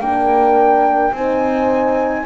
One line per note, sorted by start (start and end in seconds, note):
0.00 1.12 A#3
0.00 1.15 D4
0.00 1.15 A#4
0.00 1.13 G5
1.12 2.25 C4
1.12 2.26 D#4
1.12 2.26 C5
1.12 2.26 G#5